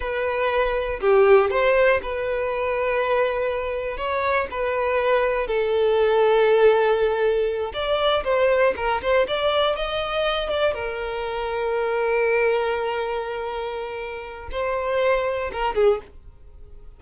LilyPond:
\new Staff \with { instrumentName = "violin" } { \time 4/4 \tempo 4 = 120 b'2 g'4 c''4 | b'1 | cis''4 b'2 a'4~ | a'2.~ a'8 d''8~ |
d''8 c''4 ais'8 c''8 d''4 dis''8~ | dis''4 d''8 ais'2~ ais'8~ | ais'1~ | ais'4 c''2 ais'8 gis'8 | }